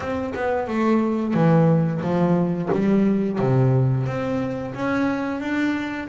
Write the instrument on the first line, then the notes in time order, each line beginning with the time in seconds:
double bass
0.00 C4
0.35 B3
0.67 A3
1.34 E3
2.01 F3
2.72 G3
3.39 C3
4.06 C4
4.74 C#4
5.40 D4